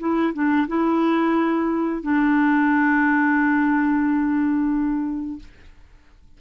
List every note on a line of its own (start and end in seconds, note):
0.00 0.34 E4
0.34 0.68 D4
0.68 2.03 E4
2.03 5.40 D4